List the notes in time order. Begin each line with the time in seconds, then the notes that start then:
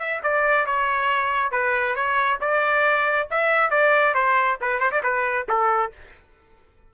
0.00 E5
0.23 D5
0.67 C#5
1.52 B4
1.96 C#5
2.41 D5
3.31 E5
3.71 D5
4.15 C5
4.61 B4
4.80 C5
4.92 D5
5.03 B4
5.49 A4